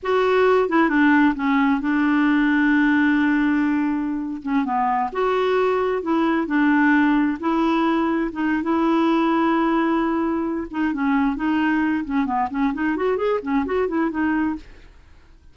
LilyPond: \new Staff \with { instrumentName = "clarinet" } { \time 4/4 \tempo 4 = 132 fis'4. e'8 d'4 cis'4 | d'1~ | d'4.~ d'16 cis'8 b4 fis'8.~ | fis'4~ fis'16 e'4 d'4.~ d'16~ |
d'16 e'2 dis'8. e'4~ | e'2.~ e'8 dis'8 | cis'4 dis'4. cis'8 b8 cis'8 | dis'8 fis'8 gis'8 cis'8 fis'8 e'8 dis'4 | }